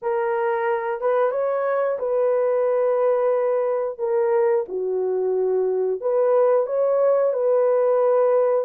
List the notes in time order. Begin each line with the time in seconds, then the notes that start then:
0.02 A#4
1.00 B4
1.31 C#5
1.98 B4
3.98 A#4
4.68 F#4
6.00 B4
6.66 C#5
7.33 B4